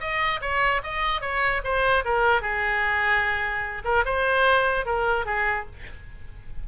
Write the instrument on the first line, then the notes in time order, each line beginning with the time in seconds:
oboe
0.00 D#5
0.41 C#5
0.83 D#5
1.21 C#5
1.64 C5
2.04 A#4
2.41 G#4
3.84 A#4
4.05 C5
4.85 A#4
5.25 G#4